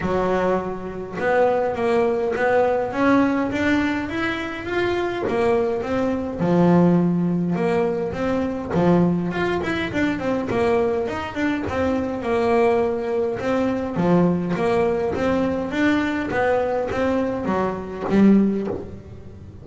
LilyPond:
\new Staff \with { instrumentName = "double bass" } { \time 4/4 \tempo 4 = 103 fis2 b4 ais4 | b4 cis'4 d'4 e'4 | f'4 ais4 c'4 f4~ | f4 ais4 c'4 f4 |
f'8 e'8 d'8 c'8 ais4 dis'8 d'8 | c'4 ais2 c'4 | f4 ais4 c'4 d'4 | b4 c'4 fis4 g4 | }